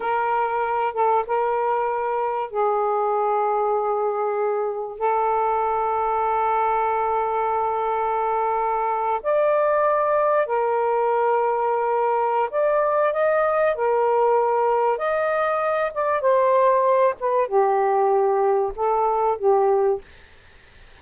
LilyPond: \new Staff \with { instrumentName = "saxophone" } { \time 4/4 \tempo 4 = 96 ais'4. a'8 ais'2 | gis'1 | a'1~ | a'2~ a'8. d''4~ d''16~ |
d''8. ais'2.~ ais'16 | d''4 dis''4 ais'2 | dis''4. d''8 c''4. b'8 | g'2 a'4 g'4 | }